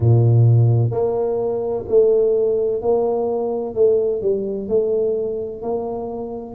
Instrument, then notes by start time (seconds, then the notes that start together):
tuba
0.00 A#2
0.91 A#3
1.87 A3
2.81 A#3
3.75 A3
4.21 G3
4.68 A3
5.62 A#3